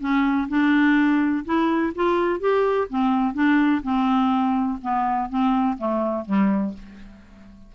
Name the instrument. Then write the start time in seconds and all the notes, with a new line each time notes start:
clarinet
0.00 C#4
0.49 D4
1.45 E4
1.95 F4
2.40 G4
2.90 C4
3.34 D4
3.83 C4
4.82 B3
5.29 C4
5.78 A3
6.25 G3